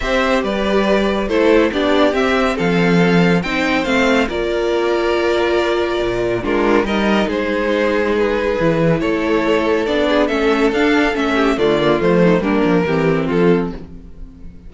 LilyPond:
<<
  \new Staff \with { instrumentName = "violin" } { \time 4/4 \tempo 4 = 140 e''4 d''2 c''4 | d''4 e''4 f''2 | g''4 f''4 d''2~ | d''2. ais'4 |
dis''4 c''2 b'4~ | b'4 cis''2 d''4 | e''4 f''4 e''4 d''4 | c''4 ais'2 a'4 | }
  \new Staff \with { instrumentName = "violin" } { \time 4/4 c''4 b'2 a'4 | g'2 a'2 | c''2 ais'2~ | ais'2. f'4 |
ais'4 gis'2.~ | gis'4 a'2~ a'8 gis'8 | a'2~ a'8 g'8 f'4~ | f'8 dis'8 d'4 g'4 f'4 | }
  \new Staff \with { instrumentName = "viola" } { \time 4/4 g'2. e'4 | d'4 c'2. | dis'4 c'4 f'2~ | f'2. d'4 |
dis'1 | e'2. d'4 | cis'4 d'4 cis'4 a8 ais8 | a4 ais4 c'2 | }
  \new Staff \with { instrumentName = "cello" } { \time 4/4 c'4 g2 a4 | b4 c'4 f2 | c'4 a4 ais2~ | ais2 ais,4 gis4 |
g4 gis2. | e4 a2 b4 | a4 d'4 a4 d4 | f4 g8 f8 e4 f4 | }
>>